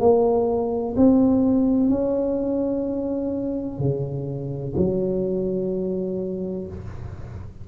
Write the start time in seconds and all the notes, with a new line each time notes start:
0.00 A#3
0.97 C4
1.90 C#4
3.79 C#3
4.77 F#3